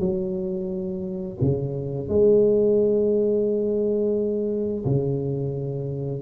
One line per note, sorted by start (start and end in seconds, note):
0.00 1.38 F#3
1.41 2.09 C#3
2.09 4.85 G#3
4.86 6.22 C#3